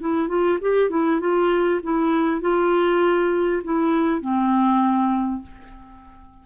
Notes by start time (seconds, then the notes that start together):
0.00 E4
0.28 F4
0.61 G4
0.90 E4
1.20 F4
1.83 E4
2.41 F4
3.63 E4
4.21 C4